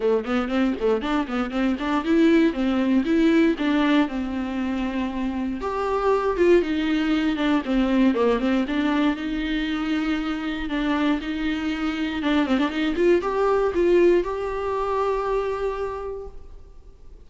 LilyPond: \new Staff \with { instrumentName = "viola" } { \time 4/4 \tempo 4 = 118 a8 b8 c'8 a8 d'8 b8 c'8 d'8 | e'4 c'4 e'4 d'4 | c'2. g'4~ | g'8 f'8 dis'4. d'8 c'4 |
ais8 c'8 d'4 dis'2~ | dis'4 d'4 dis'2 | d'8 c'16 d'16 dis'8 f'8 g'4 f'4 | g'1 | }